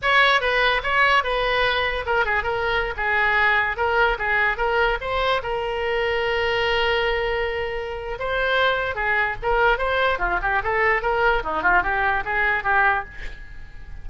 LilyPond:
\new Staff \with { instrumentName = "oboe" } { \time 4/4 \tempo 4 = 147 cis''4 b'4 cis''4 b'4~ | b'4 ais'8 gis'8 ais'4~ ais'16 gis'8.~ | gis'4~ gis'16 ais'4 gis'4 ais'8.~ | ais'16 c''4 ais'2~ ais'8.~ |
ais'1 | c''2 gis'4 ais'4 | c''4 f'8 g'8 a'4 ais'4 | dis'8 f'8 g'4 gis'4 g'4 | }